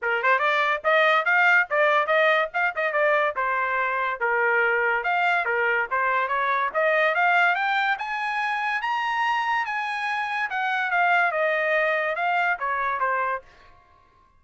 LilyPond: \new Staff \with { instrumentName = "trumpet" } { \time 4/4 \tempo 4 = 143 ais'8 c''8 d''4 dis''4 f''4 | d''4 dis''4 f''8 dis''8 d''4 | c''2 ais'2 | f''4 ais'4 c''4 cis''4 |
dis''4 f''4 g''4 gis''4~ | gis''4 ais''2 gis''4~ | gis''4 fis''4 f''4 dis''4~ | dis''4 f''4 cis''4 c''4 | }